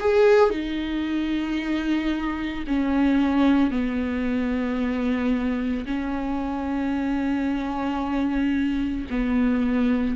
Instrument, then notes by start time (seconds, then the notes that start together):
viola
0.00 G#4
0.50 D#4
2.67 C#4
3.71 B3
5.85 C#4
9.10 B3